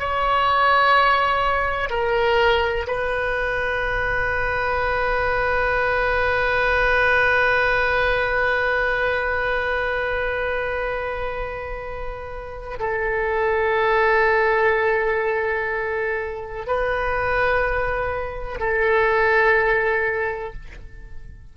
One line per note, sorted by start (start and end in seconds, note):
0.00 1.90 C#5
1.90 2.87 A#4
2.88 12.80 B4
12.80 16.67 A4
16.67 18.60 B4
18.60 20.53 A4